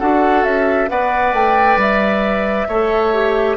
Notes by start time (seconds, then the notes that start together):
0.00 D4 F#4 A4 F#5
0.44 C#4 E5
0.89 B3 B4 D5 F#5
1.33 A3 G5
1.77 G3 E5
2.68 A3 A4 C#5
3.14 G4